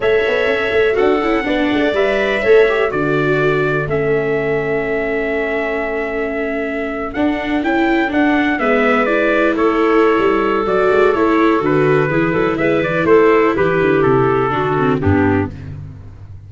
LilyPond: <<
  \new Staff \with { instrumentName = "trumpet" } { \time 4/4 \tempo 4 = 124 e''2 fis''2 | e''2 d''2 | e''1~ | e''2~ e''8. fis''4 g''16~ |
g''8. fis''4 e''4 d''4 cis''16~ | cis''2 d''4 cis''4 | b'2 e''8 d''8 c''4 | b'4 a'2 g'4 | }
  \new Staff \with { instrumentName = "clarinet" } { \time 4/4 cis''2 a'4 d''4~ | d''4 cis''4 a'2~ | a'1~ | a'1~ |
a'4.~ a'16 b'2 a'16~ | a'1~ | a'4 gis'8 a'8 b'4 a'4 | g'2 fis'4 d'4 | }
  \new Staff \with { instrumentName = "viola" } { \time 4/4 a'2 fis'8 e'8 d'4 | b'4 a'8 g'8 fis'2 | cis'1~ | cis'2~ cis'8. d'4 e'16~ |
e'8. d'4 b4 e'4~ e'16~ | e'2 fis'4 e'4 | fis'4 e'2.~ | e'2 d'8 c'8 b4 | }
  \new Staff \with { instrumentName = "tuba" } { \time 4/4 a8 b8 cis'8 a8 d'8 cis'8 b8 a8 | g4 a4 d2 | a1~ | a2~ a8. d'4 cis'16~ |
cis'8. d'4 gis2 a16~ | a4 g4 fis8 gis8 a4 | d4 e8 fis8 gis8 e8 a4 | e8 d8 c4 d4 g,4 | }
>>